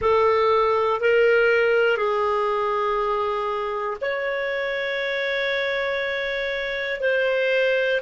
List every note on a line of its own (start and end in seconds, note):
0.00 1.00 A4
1.00 1.97 A#4
1.97 3.97 G#4
4.01 7.00 C#5
7.00 8.00 C5